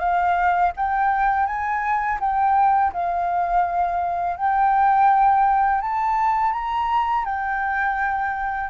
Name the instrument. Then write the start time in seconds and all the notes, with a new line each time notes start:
flute
0.00 F5
0.77 G5
1.47 G#5
2.21 G5
2.93 F5
4.37 G5
5.82 A5
6.53 A#5
7.26 G5